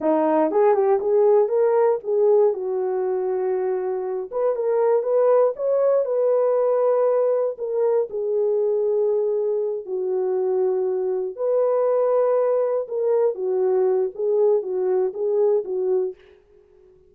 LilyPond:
\new Staff \with { instrumentName = "horn" } { \time 4/4 \tempo 4 = 119 dis'4 gis'8 g'8 gis'4 ais'4 | gis'4 fis'2.~ | fis'8 b'8 ais'4 b'4 cis''4 | b'2. ais'4 |
gis'2.~ gis'8 fis'8~ | fis'2~ fis'8 b'4.~ | b'4. ais'4 fis'4. | gis'4 fis'4 gis'4 fis'4 | }